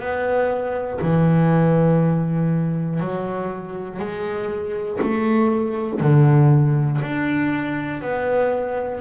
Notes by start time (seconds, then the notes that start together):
0.00 B3
1.01 E3
3.00 F#3
4.00 G#3
5.01 A3
6.00 D3
7.02 D4
8.01 B3